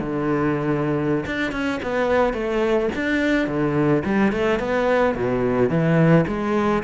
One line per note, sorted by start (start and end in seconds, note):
0.00 1.25 D3
1.26 1.52 D4
1.52 1.80 C#4
1.83 2.33 B3
2.33 2.89 A3
2.95 3.48 D4
3.48 4.03 D3
4.05 4.32 G3
4.32 4.59 A3
4.59 5.15 B3
5.15 5.69 B2
5.69 6.25 E3
6.28 6.83 G#3